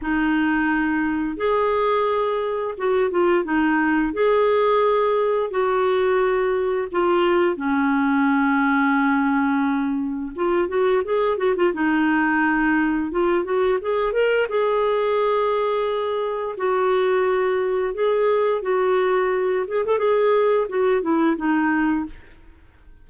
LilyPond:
\new Staff \with { instrumentName = "clarinet" } { \time 4/4 \tempo 4 = 87 dis'2 gis'2 | fis'8 f'8 dis'4 gis'2 | fis'2 f'4 cis'4~ | cis'2. f'8 fis'8 |
gis'8 fis'16 f'16 dis'2 f'8 fis'8 | gis'8 ais'8 gis'2. | fis'2 gis'4 fis'4~ | fis'8 gis'16 a'16 gis'4 fis'8 e'8 dis'4 | }